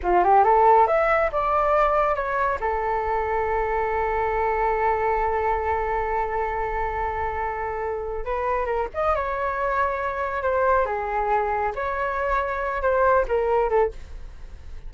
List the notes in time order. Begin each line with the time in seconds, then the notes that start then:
0.02 F4
0.24 G4
0.44 A4
0.87 E5
1.31 D5
2.15 C#5
2.60 A4
8.24 B4
8.65 A#4
8.94 D#5
9.15 C#5
10.42 C5
10.85 G#4
11.75 C#5
12.82 C5
13.27 A#4
13.69 A4